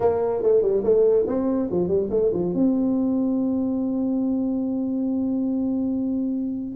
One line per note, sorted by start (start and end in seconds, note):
0.00 0.42 A#3
0.42 0.62 A3
0.62 0.83 G3
0.83 1.26 A3
1.27 1.69 C4
1.70 1.87 F3
1.87 2.09 G3
2.10 2.31 A3
2.33 2.54 F3
2.54 6.76 C4